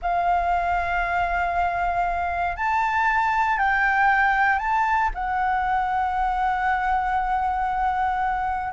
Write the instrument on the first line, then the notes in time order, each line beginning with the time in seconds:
flute
0.02 F5
2.56 A5
3.58 G5
4.59 A5
5.14 F#5